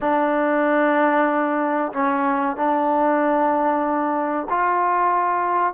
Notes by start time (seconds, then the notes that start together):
0.01 D4
1.92 C#4
2.56 D4
4.49 F4